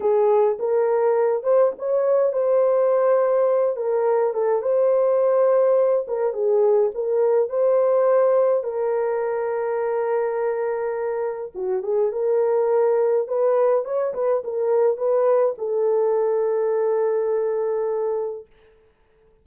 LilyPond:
\new Staff \with { instrumentName = "horn" } { \time 4/4 \tempo 4 = 104 gis'4 ais'4. c''8 cis''4 | c''2~ c''8 ais'4 a'8 | c''2~ c''8 ais'8 gis'4 | ais'4 c''2 ais'4~ |
ais'1 | fis'8 gis'8 ais'2 b'4 | cis''8 b'8 ais'4 b'4 a'4~ | a'1 | }